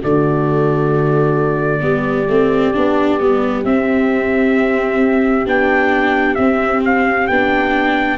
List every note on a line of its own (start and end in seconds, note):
0.00 1.82 D3
0.00 1.80 A3
0.00 1.82 F#4
0.00 3.65 D5
1.80 2.28 G3
1.80 2.26 B3
1.80 8.18 G4
2.28 2.74 A3
2.28 2.74 C4
2.74 3.20 B3
2.74 3.20 D4
3.20 3.64 G3
3.20 3.65 B3
3.64 5.46 C4
3.64 5.47 E5
5.46 6.37 B3
5.46 6.37 D4
5.46 6.35 G5
6.35 7.28 C4
6.35 7.29 C4
6.35 6.80 E5
6.85 7.27 F5
7.27 8.18 B3
7.27 8.18 D4
7.27 8.18 G5